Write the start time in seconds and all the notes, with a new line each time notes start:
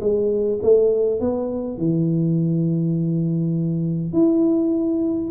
0.00 G#3
0.62 A3
1.20 B3
1.77 E3
4.13 E4